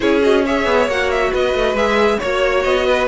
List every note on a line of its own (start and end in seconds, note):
0.00 0.65 C#4
0.00 0.21 E4
0.00 0.44 G#4
0.00 0.21 C#5
0.21 0.43 F#4
0.21 0.45 D#5
0.44 0.90 G#4
0.44 1.30 C#5
0.44 0.89 E5
0.65 0.87 B3
0.87 1.31 A#3
0.87 1.76 F#4
0.87 1.10 F#5
1.10 1.33 E5
1.30 1.54 B3
1.30 2.19 B4
1.30 1.76 D#5
1.54 1.73 A3
1.73 2.17 G#3
1.73 2.21 G#4
1.73 2.19 E5
2.19 2.64 A#3
2.19 3.08 F#4
2.19 2.63 C#5
2.19 2.86 C#5
2.63 3.08 B3
2.63 3.07 D#5
2.86 3.08 B4